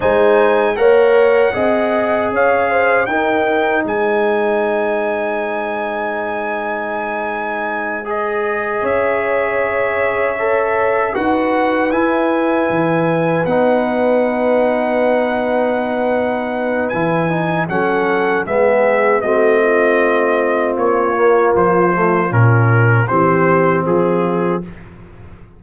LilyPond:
<<
  \new Staff \with { instrumentName = "trumpet" } { \time 4/4 \tempo 4 = 78 gis''4 fis''2 f''4 | g''4 gis''2.~ | gis''2~ gis''8 dis''4 e''8~ | e''2~ e''8 fis''4 gis''8~ |
gis''4. fis''2~ fis''8~ | fis''2 gis''4 fis''4 | e''4 dis''2 cis''4 | c''4 ais'4 c''4 gis'4 | }
  \new Staff \with { instrumentName = "horn" } { \time 4/4 c''4 cis''4 dis''4 cis''8 c''8 | ais'4 c''2.~ | c''2.~ c''8 cis''8~ | cis''2~ cis''8 b'4.~ |
b'1~ | b'2. a'4 | gis'4 fis'8 f'2~ f'8~ | f'2 g'4 f'4 | }
  \new Staff \with { instrumentName = "trombone" } { \time 4/4 dis'4 ais'4 gis'2 | dis'1~ | dis'2~ dis'8 gis'4.~ | gis'4. a'4 fis'4 e'8~ |
e'4. dis'2~ dis'8~ | dis'2 e'8 dis'8 cis'4 | b4 c'2~ c'8 ais8~ | ais8 a8 cis'4 c'2 | }
  \new Staff \with { instrumentName = "tuba" } { \time 4/4 gis4 ais4 c'4 cis'4 | dis'4 gis2.~ | gis2.~ gis8 cis'8~ | cis'2~ cis'8 dis'4 e'8~ |
e'8 e4 b2~ b8~ | b2 e4 fis4 | gis4 a2 ais4 | f4 ais,4 e4 f4 | }
>>